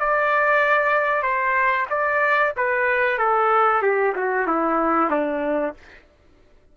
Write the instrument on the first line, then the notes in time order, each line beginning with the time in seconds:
trumpet
0.00 D5
1.23 C5
1.90 D5
2.57 B4
3.19 A4
3.82 G4
4.16 F#4
4.47 E4
5.10 D4